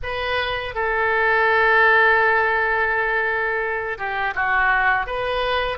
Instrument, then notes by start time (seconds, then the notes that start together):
oboe
0.02 B4
0.75 A4
3.98 G4
4.34 F#4
5.06 B4